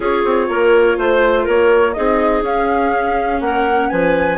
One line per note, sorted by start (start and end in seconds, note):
0.00 0.23 C#4
0.00 1.94 F4
0.00 0.48 G#4
0.00 0.98 C#5
0.24 0.48 C4
0.48 0.97 A#3
0.48 0.98 A#4
0.98 1.46 A3
0.98 1.47 C5
0.98 1.43 C5
1.43 1.96 A#3
1.43 1.92 A#4
1.43 1.93 C#5
1.93 2.42 C4
1.93 2.44 D#4
1.93 3.41 G#4
1.93 2.42 D#5
2.42 3.39 C#4
2.42 4.38 C#4
2.42 3.40 F5
3.40 3.89 A#3
3.40 3.89 A#4
3.40 3.89 F#5
3.89 4.38 F3
3.89 4.38 B4
3.89 4.38 G#5